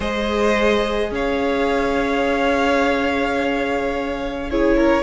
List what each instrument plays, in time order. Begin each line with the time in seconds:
0.00 cello G#3, viola G#4, violin C5 D#5
1.11 cello C#4, violin C#5 F5
4.50 viola E4, violin G#4 C#5
4.77 violin A#4